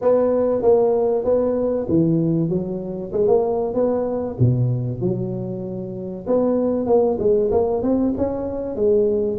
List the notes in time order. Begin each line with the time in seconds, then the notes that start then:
0.01 B3
0.61 A#3
1.24 B3
1.88 E3
2.49 F#3
3.12 G#3
3.27 A#3
3.74 B3
4.39 B2
5.01 F#3
6.26 B3
6.86 A#3
7.19 G#3
7.51 A#3
7.82 C4
8.17 C#4
8.75 G#3